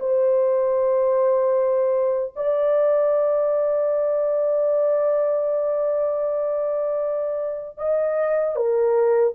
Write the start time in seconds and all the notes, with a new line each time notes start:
0.00 C5
2.36 D5
7.78 D#5
8.56 A#4